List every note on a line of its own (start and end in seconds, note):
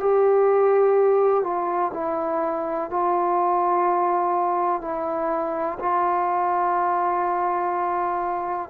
0.00 1.44 G4
1.44 1.92 F4
1.94 2.90 E4
2.90 4.82 F4
4.82 5.78 E4
5.80 8.70 F4